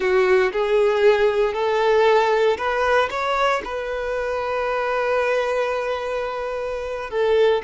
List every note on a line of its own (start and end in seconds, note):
0.00 0.51 F#4
0.52 1.53 G#4
1.53 2.57 A4
2.57 3.09 B4
3.10 3.62 C#5
3.64 7.10 B4
7.10 7.62 A4